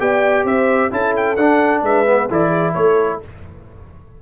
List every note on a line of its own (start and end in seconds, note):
0.00 0.45 B3
0.00 0.91 G4
0.00 0.46 D5
0.00 0.46 G5
0.45 0.90 C4
0.45 0.92 C5
0.45 0.93 E5
0.91 1.37 C#4
0.91 1.37 E4
0.91 1.84 A4
0.91 1.16 A5
1.17 1.37 G5
1.37 1.83 D4
1.37 2.07 D4
1.37 1.82 F#5
1.83 2.28 G#3
1.83 2.29 B4
1.83 2.31 E5
2.07 2.30 B3
2.29 2.76 E3
2.29 3.22 E4
2.29 2.49 A4
2.29 2.75 D5
2.49 2.72 G#4
2.74 3.21 A3
2.74 3.20 A4
2.74 3.20 C#5